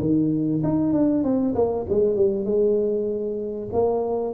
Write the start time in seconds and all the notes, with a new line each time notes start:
0.00 D#3
0.63 D#4
0.93 D4
1.23 C4
1.55 A#3
1.89 G#3
2.16 G3
2.45 G#3
3.72 A#3